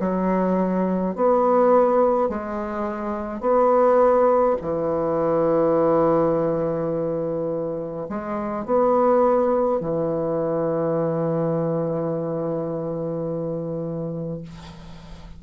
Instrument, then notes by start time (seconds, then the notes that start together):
bassoon
0.00 F#3
1.15 B3
2.29 G#3
3.41 B3
4.62 E3
8.09 G#3
8.65 B3
9.80 E3